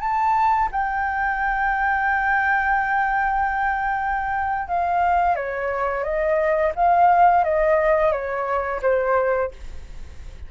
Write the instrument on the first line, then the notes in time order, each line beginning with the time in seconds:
flute
0.00 A5
0.72 G5
4.68 F5
5.36 C#5
6.04 D#5
6.75 F5
7.44 D#5
8.12 C#5
8.82 C5